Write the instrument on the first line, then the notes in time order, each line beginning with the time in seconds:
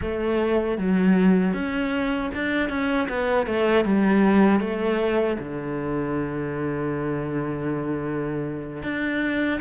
cello
0.01 A3
0.77 F#3
1.53 C#4
2.34 D4
2.69 C#4
3.08 B3
3.46 A3
3.85 G3
4.60 A3
5.38 D3
8.83 D4